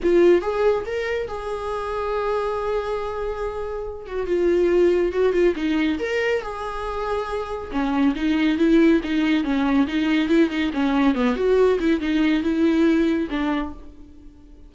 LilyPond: \new Staff \with { instrumentName = "viola" } { \time 4/4 \tempo 4 = 140 f'4 gis'4 ais'4 gis'4~ | gis'1~ | gis'4. fis'8 f'2 | fis'8 f'8 dis'4 ais'4 gis'4~ |
gis'2 cis'4 dis'4 | e'4 dis'4 cis'4 dis'4 | e'8 dis'8 cis'4 b8 fis'4 e'8 | dis'4 e'2 d'4 | }